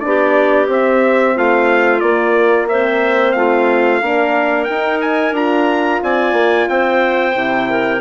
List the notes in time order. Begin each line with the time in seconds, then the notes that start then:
0.00 B3 D4 D5
0.07 G4
0.67 C4 E5
1.35 A3 F4 F5
2.00 A#3 D5
2.68 C4 C5 E5
3.32 A3 F4 F5
4.02 A#3 D4 A#4
4.65 D#4 G5
5.01 G#5
5.32 D4 F4 A#5
6.03 C4 D5 G#5
6.33 A#3
6.69 C4 C5 G5
7.33 C3 E4
7.70 A#4